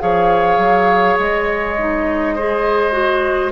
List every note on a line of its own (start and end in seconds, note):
0.00 0.58 F3
0.00 1.76 G#4
0.00 2.35 C#5
0.00 1.18 F5
0.58 1.17 F#3
1.19 3.52 G#3
1.19 3.52 D#5
1.78 2.37 D#4
2.35 2.92 G#4
2.35 3.52 C5
2.92 3.51 F#4